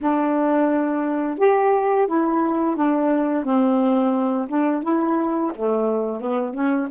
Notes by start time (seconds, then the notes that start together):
0.01 D4
1.38 G4
2.07 E4
2.76 D4
3.44 C4
4.48 D4
4.82 E4
5.55 A3
6.20 B3
6.53 C#4